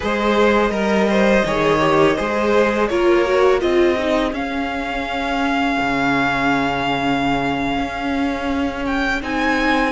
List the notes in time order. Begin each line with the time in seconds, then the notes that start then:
0.00 G#3 G#4 C5 D#5
0.70 G3 A#4
1.09 C5
1.44 D#3 G#4 C#5
1.80 G4
2.16 G#3 G#4 C5
2.87 A#3 F4 A#4 C#5
3.25 F#4
3.59 C4 F4 G#4 D#5
3.97 D#4
4.32 C#4 F5
5.80 C#3
7.78 C#4
8.86 G5
9.21 C4 D#4 G#5